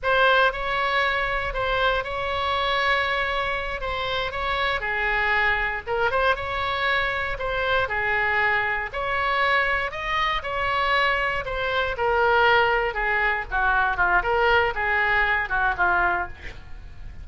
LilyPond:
\new Staff \with { instrumentName = "oboe" } { \time 4/4 \tempo 4 = 118 c''4 cis''2 c''4 | cis''2.~ cis''8 c''8~ | c''8 cis''4 gis'2 ais'8 | c''8 cis''2 c''4 gis'8~ |
gis'4. cis''2 dis''8~ | dis''8 cis''2 c''4 ais'8~ | ais'4. gis'4 fis'4 f'8 | ais'4 gis'4. fis'8 f'4 | }